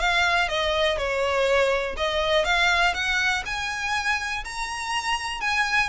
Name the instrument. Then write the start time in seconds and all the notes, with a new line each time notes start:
violin
0.00 F5
0.49 D#5
0.98 C#5
1.97 D#5
2.45 F5
2.94 F#5
3.46 G#5
4.45 A#5
5.41 G#5